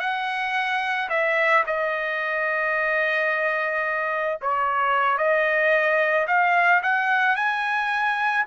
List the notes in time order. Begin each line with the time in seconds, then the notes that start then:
0.00 F#5
1.10 E5
1.67 D#5
4.42 C#5
5.18 D#5
6.28 F5
6.83 F#5
7.36 G#5